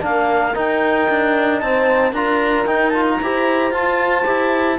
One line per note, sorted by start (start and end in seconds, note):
0.00 0.55 A#3
0.00 0.53 D4
0.00 1.62 A#4
0.00 0.57 F5
0.55 2.14 D#4
0.55 1.09 D#4
0.55 1.59 G5
1.09 1.62 D4
1.59 2.13 C4
1.59 2.11 C5
1.59 2.12 A5
2.11 2.66 D4
2.11 2.66 F4
2.11 3.17 A#4
2.11 2.66 A#5
2.66 2.93 D#4
2.66 3.20 D#4
2.66 2.90 G5
2.90 3.20 F4
2.90 3.03 A5
3.09 3.74 A#5
3.22 3.71 E4
3.22 3.74 G4
3.22 4.79 C5
3.71 4.24 F4
3.71 4.79 A5
4.24 4.79 E4
4.24 4.77 G4